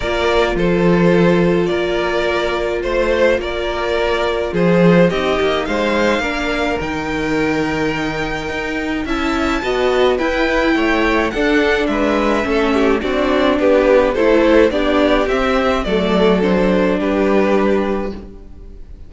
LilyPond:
<<
  \new Staff \with { instrumentName = "violin" } { \time 4/4 \tempo 4 = 106 d''4 c''2 d''4~ | d''4 c''4 d''2 | c''4 dis''4 f''2 | g''1 |
a''2 g''2 | fis''4 e''2 d''4 | b'4 c''4 d''4 e''4 | d''4 c''4 b'2 | }
  \new Staff \with { instrumentName = "violin" } { \time 4/4 ais'4 a'2 ais'4~ | ais'4 c''4 ais'2 | gis'4 g'4 c''4 ais'4~ | ais'1 |
e''4 dis''4 b'4 cis''4 | a'4 b'4 a'8 g'8 fis'4 | g'4 a'4 g'2 | a'2 g'2 | }
  \new Staff \with { instrumentName = "viola" } { \time 4/4 f'1~ | f'1~ | f'4 dis'2 d'4 | dis'1 |
e'4 fis'4 e'2 | d'2 cis'4 d'4~ | d'4 e'4 d'4 c'4 | a4 d'2. | }
  \new Staff \with { instrumentName = "cello" } { \time 4/4 ais4 f2 ais4~ | ais4 a4 ais2 | f4 c'8 ais8 gis4 ais4 | dis2. dis'4 |
cis'4 b4 e'4 a4 | d'4 gis4 a4 c'4 | b4 a4 b4 c'4 | fis2 g2 | }
>>